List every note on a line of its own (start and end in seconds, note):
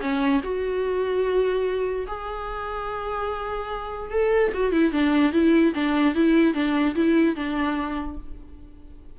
0.00 0.41 C#4
0.43 2.06 F#4
2.07 4.11 G#4
4.11 4.52 A4
4.54 4.72 F#4
4.72 4.92 E4
4.92 5.32 D4
5.32 5.73 E4
5.74 6.14 D4
6.14 6.54 E4
6.54 6.95 D4
6.95 7.35 E4
7.35 8.17 D4